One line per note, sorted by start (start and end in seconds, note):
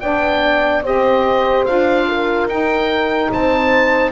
0.00 0.83 B3
0.00 0.83 D4
0.00 0.83 D5
0.00 0.82 G5
0.83 1.65 C4
0.83 1.66 G4
0.83 2.06 C5
0.83 1.65 D#5
1.65 2.46 D4
1.65 2.49 F4
1.65 2.47 F5
2.08 3.31 A#4
2.46 3.28 D#4
2.46 4.11 D#4
2.46 3.31 G5
3.32 4.11 C4
3.32 4.11 C5
3.32 4.11 A5